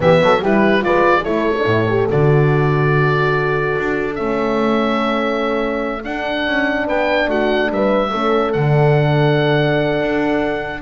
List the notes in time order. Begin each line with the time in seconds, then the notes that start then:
0.00 E3 B3 G4 E5
0.21 F#3 A4
0.42 G3 E4 G4 B4
0.80 G#3 F4 B4 D5
1.23 A3 E4 A4 C#5
1.58 D4
1.65 A2 E4
1.88 G4
2.08 D3 F#4 D5
3.78 D4
4.14 A3 C#4 E5
6.03 D4 F#5
6.47 C#4
6.86 B3 B4 G5
7.28 A3 F#4 F#5
7.69 G3 B4 E5
8.11 A3 C#4 A4
8.52 D3 D4 F#5
10.00 D4